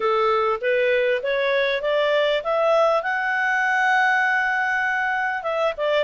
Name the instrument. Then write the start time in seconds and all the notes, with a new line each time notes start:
clarinet
0.00 A4
0.61 B4
1.22 C#5
1.81 D5
2.43 E5
3.02 F#5
5.42 E5
5.77 D5